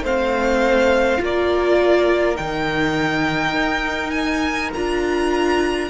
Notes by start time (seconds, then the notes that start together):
0.00 A3 C4 C5 F5
1.18 A#3 F4 A#4
1.24 D5
2.35 D#3 D#4 G5
3.53 D#4
4.11 G#5
4.73 D4 F4 A#5